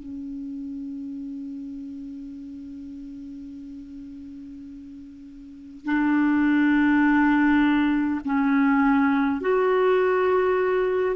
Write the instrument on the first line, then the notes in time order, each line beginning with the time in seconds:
clarinet
0.00 C#4
5.86 D4
8.25 C#4
9.41 F#4